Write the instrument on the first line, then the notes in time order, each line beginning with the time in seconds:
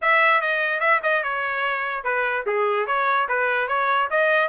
trumpet
0.01 E5
0.41 D#5
0.79 E5
1.02 D#5
1.23 C#5
2.04 B4
2.46 G#4
2.87 C#5
3.28 B4
3.68 C#5
4.10 D#5